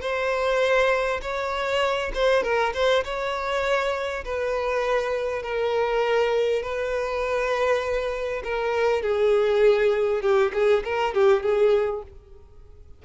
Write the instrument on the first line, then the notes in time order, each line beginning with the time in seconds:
violin
0.00 C5
1.21 C#5
2.14 C5
2.42 A#4
2.73 C5
3.04 C#5
4.24 B4
5.42 A#4
6.62 B4
8.44 A#4
9.02 G#4
10.21 G4
10.53 G#4
10.84 A#4
11.14 G4
11.42 G#4